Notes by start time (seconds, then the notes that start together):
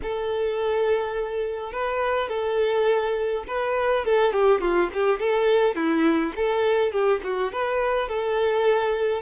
0.02 A4
1.72 B4
2.28 A4
3.47 B4
4.05 A4
4.32 G4
4.60 F4
4.93 G4
5.19 A4
5.75 E4
6.36 A4
6.92 G4
7.23 F#4
7.52 B4
8.08 A4